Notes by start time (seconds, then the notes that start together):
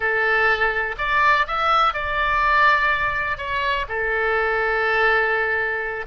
0.00 A4
0.98 D5
1.47 E5
1.93 D5
3.37 C#5
3.88 A4